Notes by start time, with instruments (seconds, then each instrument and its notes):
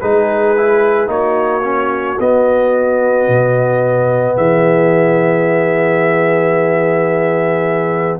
0.00 tuba G#3, trombone D#4, horn G#4, trumpet B4
0.57 trombone E4
1.07 tuba A#3, trombone D#4, horn F#4, trumpet C#5
1.63 trombone C#4
2.19 tuba B3, trombone B3, trumpet D#5
3.28 tuba B2
4.36 tuba E3, horn G#4, trumpet E5